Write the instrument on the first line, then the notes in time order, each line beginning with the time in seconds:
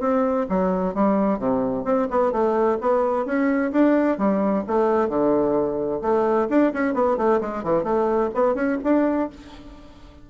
bassoon
0.00 C4
0.49 F#3
0.94 G3
1.39 C3
1.84 C4
2.10 B3
2.32 A3
2.81 B3
3.25 C#4
3.72 D4
4.18 G3
4.67 A3
5.09 D3
6.01 A3
6.50 D4
6.73 C#4
6.94 B3
7.17 A3
7.41 G#3
7.63 E3
7.84 A3
8.34 B3
8.55 C#4
8.83 D4